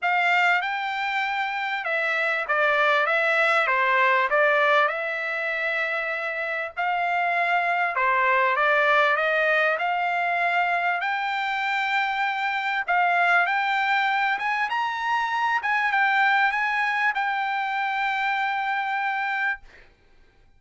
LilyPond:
\new Staff \with { instrumentName = "trumpet" } { \time 4/4 \tempo 4 = 98 f''4 g''2 e''4 | d''4 e''4 c''4 d''4 | e''2. f''4~ | f''4 c''4 d''4 dis''4 |
f''2 g''2~ | g''4 f''4 g''4. gis''8 | ais''4. gis''8 g''4 gis''4 | g''1 | }